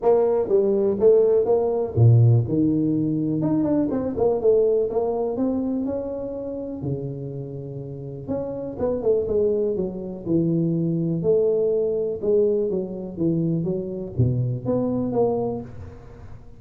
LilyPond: \new Staff \with { instrumentName = "tuba" } { \time 4/4 \tempo 4 = 123 ais4 g4 a4 ais4 | ais,4 dis2 dis'8 d'8 | c'8 ais8 a4 ais4 c'4 | cis'2 cis2~ |
cis4 cis'4 b8 a8 gis4 | fis4 e2 a4~ | a4 gis4 fis4 e4 | fis4 b,4 b4 ais4 | }